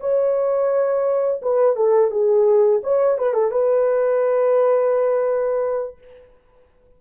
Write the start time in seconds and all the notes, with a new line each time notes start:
0.00 C#5
1.42 B4
1.76 A4
2.11 G#4
2.84 C#5
3.18 B4
3.34 A4
3.51 B4